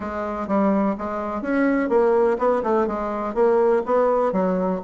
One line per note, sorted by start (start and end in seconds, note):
0.00 0.47 G#3
0.47 0.95 G3
0.97 1.42 G#3
1.42 1.89 C#4
1.89 2.37 A#3
2.38 2.62 B3
2.63 2.87 A3
2.87 3.34 G#3
3.34 3.82 A#3
3.85 4.32 B3
4.32 4.80 F#3